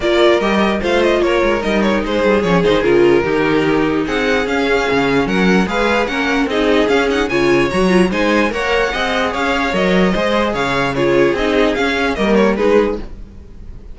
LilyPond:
<<
  \new Staff \with { instrumentName = "violin" } { \time 4/4 \tempo 4 = 148 d''4 dis''4 f''8 dis''8 cis''4 | dis''8 cis''8 c''4 cis''8 c''8 ais'4~ | ais'2 fis''4 f''4~ | f''4 fis''4 f''4 fis''4 |
dis''4 f''8 fis''8 gis''4 ais''4 | gis''4 fis''2 f''4 | dis''2 f''4 cis''4 | dis''4 f''4 dis''8 cis''8 b'4 | }
  \new Staff \with { instrumentName = "violin" } { \time 4/4 ais'2 c''4 ais'4~ | ais'4 gis'2. | g'2 gis'2~ | gis'4 ais'4 b'4 ais'4 |
gis'2 cis''2 | c''4 cis''4 dis''4 cis''4~ | cis''4 c''4 cis''4 gis'4~ | gis'2 ais'4 gis'4 | }
  \new Staff \with { instrumentName = "viola" } { \time 4/4 f'4 g'4 f'2 | dis'2 cis'8 dis'8 f'4 | dis'2. cis'4~ | cis'2 gis'4 cis'4 |
dis'4 cis'8 dis'8 f'4 fis'8 f'8 | dis'4 ais'4 gis'2 | ais'4 gis'2 f'4 | dis'4 cis'4 ais4 dis'4 | }
  \new Staff \with { instrumentName = "cello" } { \time 4/4 ais4 g4 a4 ais8 gis8 | g4 gis8 g8 f8 dis8 cis4 | dis2 c'4 cis'4 | cis4 fis4 gis4 ais4 |
c'4 cis'4 cis4 fis4 | gis4 ais4 c'4 cis'4 | fis4 gis4 cis2 | c'4 cis'4 g4 gis4 | }
>>